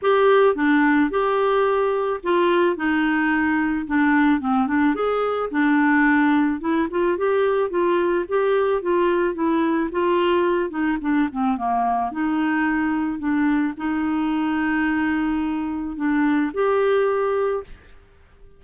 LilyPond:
\new Staff \with { instrumentName = "clarinet" } { \time 4/4 \tempo 4 = 109 g'4 d'4 g'2 | f'4 dis'2 d'4 | c'8 d'8 gis'4 d'2 | e'8 f'8 g'4 f'4 g'4 |
f'4 e'4 f'4. dis'8 | d'8 c'8 ais4 dis'2 | d'4 dis'2.~ | dis'4 d'4 g'2 | }